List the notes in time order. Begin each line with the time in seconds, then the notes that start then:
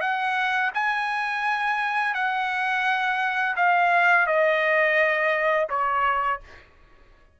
0.00 F#5
0.74 G#5
2.14 F#5
3.56 F5
4.26 D#5
5.69 C#5